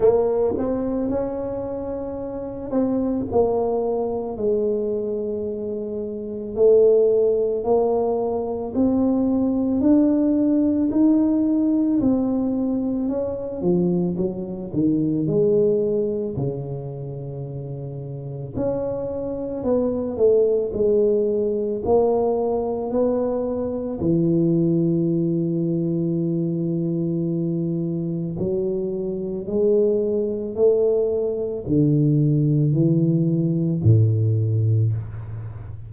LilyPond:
\new Staff \with { instrumentName = "tuba" } { \time 4/4 \tempo 4 = 55 ais8 c'8 cis'4. c'8 ais4 | gis2 a4 ais4 | c'4 d'4 dis'4 c'4 | cis'8 f8 fis8 dis8 gis4 cis4~ |
cis4 cis'4 b8 a8 gis4 | ais4 b4 e2~ | e2 fis4 gis4 | a4 d4 e4 a,4 | }